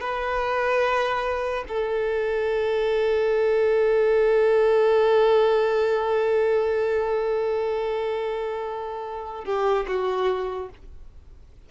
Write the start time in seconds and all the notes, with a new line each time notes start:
0.00 B4
1.68 A4
9.45 G4
9.87 F#4